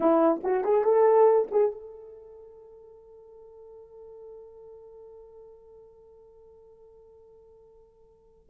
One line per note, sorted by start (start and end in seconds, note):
0.00 0.41 E4
0.43 0.64 F#4
0.64 0.83 G#4
0.83 1.47 A4
1.51 1.71 G#4
1.71 8.49 A4